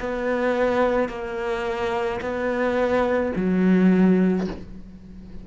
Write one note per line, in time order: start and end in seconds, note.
0.00 1.09 B3
1.09 2.20 A#3
2.22 3.33 B3
3.36 4.47 F#3